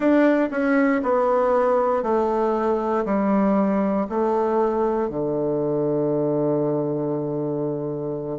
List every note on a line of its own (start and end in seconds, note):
0.00 0.49 D4
0.50 1.01 C#4
1.03 2.02 B3
2.02 3.04 A3
3.05 4.07 G3
4.09 5.08 A3
5.08 8.39 D3